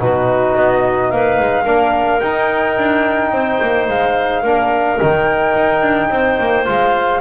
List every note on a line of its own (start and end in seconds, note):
0.00 0.56 B2
0.00 1.65 D#4
0.00 1.12 F#4
0.00 0.55 B4
0.55 1.12 B3
0.55 1.11 D#5
1.11 1.40 A#3
1.11 1.64 B4
1.11 2.20 F5
1.40 1.66 G#3
1.64 2.21 A#3
1.64 2.21 D4
1.64 3.30 A#4
2.20 2.77 D#4
2.20 4.45 D#4
2.20 3.87 G5
2.77 3.32 D4
3.32 3.59 C4
3.32 4.42 C5
3.61 3.88 A#3
3.88 4.44 G#3
3.88 5.00 F5
4.42 4.99 A#3
4.42 4.99 D4
4.42 6.09 A#4
4.99 5.55 D#3
4.99 6.65 D#4
4.99 6.66 G5
5.55 5.82 D#4
5.82 6.09 D4
6.10 6.38 C4
6.10 7.21 C5
6.40 6.67 A#3
6.65 7.21 G#3
6.65 7.21 F4
6.65 7.21 F5